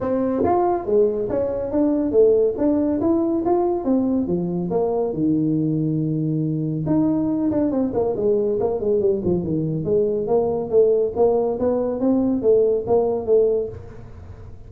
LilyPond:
\new Staff \with { instrumentName = "tuba" } { \time 4/4 \tempo 4 = 140 c'4 f'4 gis4 cis'4 | d'4 a4 d'4 e'4 | f'4 c'4 f4 ais4 | dis1 |
dis'4. d'8 c'8 ais8 gis4 | ais8 gis8 g8 f8 dis4 gis4 | ais4 a4 ais4 b4 | c'4 a4 ais4 a4 | }